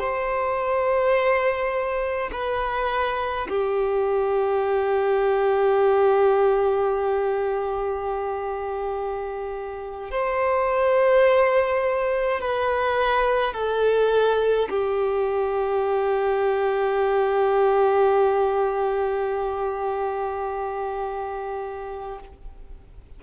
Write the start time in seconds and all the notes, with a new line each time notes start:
0.00 C5
2.33 B4
3.50 G4
10.11 C5
12.41 B4
13.54 A4
14.70 G4